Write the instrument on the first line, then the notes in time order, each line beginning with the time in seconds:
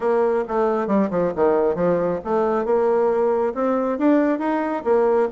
bassoon
0.00 A#3
0.48 A3
0.87 G3
1.10 F3
1.35 D#3
1.75 F3
2.24 A3
2.65 A#3
3.54 C4
3.98 D4
4.39 D#4
4.84 A#3